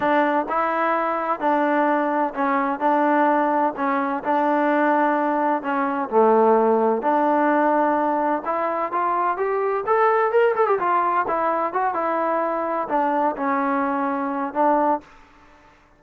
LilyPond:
\new Staff \with { instrumentName = "trombone" } { \time 4/4 \tempo 4 = 128 d'4 e'2 d'4~ | d'4 cis'4 d'2 | cis'4 d'2. | cis'4 a2 d'4~ |
d'2 e'4 f'4 | g'4 a'4 ais'8 a'16 g'16 f'4 | e'4 fis'8 e'2 d'8~ | d'8 cis'2~ cis'8 d'4 | }